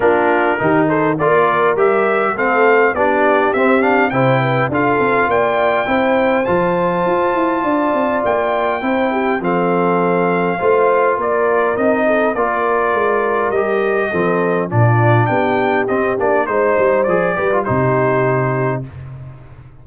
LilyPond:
<<
  \new Staff \with { instrumentName = "trumpet" } { \time 4/4 \tempo 4 = 102 ais'4. c''8 d''4 e''4 | f''4 d''4 e''8 f''8 g''4 | f''4 g''2 a''4~ | a''2 g''2 |
f''2. d''4 | dis''4 d''2 dis''4~ | dis''4 d''4 g''4 dis''8 d''8 | c''4 d''4 c''2 | }
  \new Staff \with { instrumentName = "horn" } { \time 4/4 f'4 g'8 a'8 ais'2 | a'4 g'2 c''8 b'8 | a'4 d''4 c''2~ | c''4 d''2 c''8 g'8 |
a'2 c''4 ais'4~ | ais'8 a'8 ais'2. | a'4 f'4 g'2 | c''4. b'8 g'2 | }
  \new Staff \with { instrumentName = "trombone" } { \time 4/4 d'4 dis'4 f'4 g'4 | c'4 d'4 c'8 d'8 e'4 | f'2 e'4 f'4~ | f'2. e'4 |
c'2 f'2 | dis'4 f'2 g'4 | c'4 d'2 c'8 d'8 | dis'4 gis'8 g'16 f'16 dis'2 | }
  \new Staff \with { instrumentName = "tuba" } { \time 4/4 ais4 dis4 ais4 g4 | a4 b4 c'4 c4 | d'8 c'8 ais4 c'4 f4 | f'8 e'8 d'8 c'8 ais4 c'4 |
f2 a4 ais4 | c'4 ais4 gis4 g4 | f4 ais,4 b4 c'8 ais8 | gis8 g8 f8 g8 c2 | }
>>